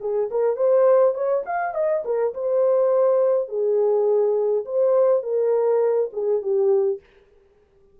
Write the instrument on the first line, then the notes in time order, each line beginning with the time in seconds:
horn
0.00 G#4
0.30 A#4
0.56 C5
1.14 C#5
1.45 F5
1.74 D#5
2.04 A#4
2.34 C5
3.48 G#4
4.65 C5
5.22 A#4
6.12 G#4
6.42 G4